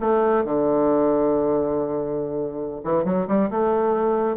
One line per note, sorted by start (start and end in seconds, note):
0.00 0.44 A3
0.44 2.81 D3
2.84 3.04 E3
3.04 3.27 F#3
3.27 3.50 G3
3.50 4.37 A3